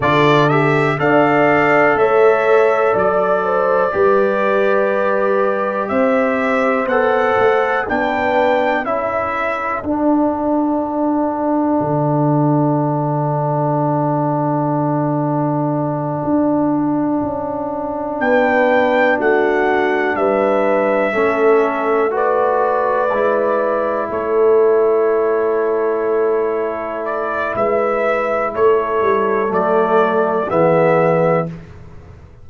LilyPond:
<<
  \new Staff \with { instrumentName = "trumpet" } { \time 4/4 \tempo 4 = 61 d''8 e''8 f''4 e''4 d''4~ | d''2 e''4 fis''4 | g''4 e''4 fis''2~ | fis''1~ |
fis''2~ fis''8 g''4 fis''8~ | fis''8 e''2 d''4.~ | d''8 cis''2. d''8 | e''4 cis''4 d''4 e''4 | }
  \new Staff \with { instrumentName = "horn" } { \time 4/4 a'4 d''4 cis''4 d''8 c''8 | b'2 c''2 | b'4 a'2.~ | a'1~ |
a'2~ a'8 b'4 fis'8~ | fis'8 b'4 a'4 b'4.~ | b'8 a'2.~ a'8 | b'4 a'2 gis'4 | }
  \new Staff \with { instrumentName = "trombone" } { \time 4/4 f'8 g'8 a'2. | g'2. a'4 | d'4 e'4 d'2~ | d'1~ |
d'1~ | d'4. cis'4 fis'4 e'8~ | e'1~ | e'2 a4 b4 | }
  \new Staff \with { instrumentName = "tuba" } { \time 4/4 d4 d'4 a4 fis4 | g2 c'4 b8 a8 | b4 cis'4 d'2 | d1~ |
d8 d'4 cis'4 b4 a8~ | a8 g4 a2 gis8~ | gis8 a2.~ a8 | gis4 a8 g8 fis4 e4 | }
>>